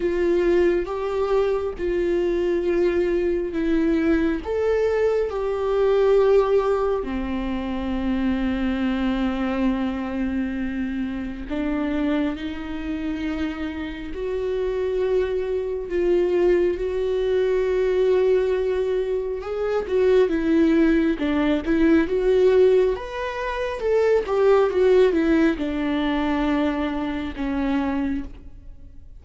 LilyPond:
\new Staff \with { instrumentName = "viola" } { \time 4/4 \tempo 4 = 68 f'4 g'4 f'2 | e'4 a'4 g'2 | c'1~ | c'4 d'4 dis'2 |
fis'2 f'4 fis'4~ | fis'2 gis'8 fis'8 e'4 | d'8 e'8 fis'4 b'4 a'8 g'8 | fis'8 e'8 d'2 cis'4 | }